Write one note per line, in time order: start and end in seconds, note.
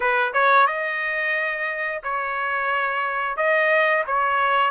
0.00 0.32 B4
0.33 0.66 C#5
0.66 2.01 D#5
2.03 3.36 C#5
3.36 4.04 D#5
4.06 4.70 C#5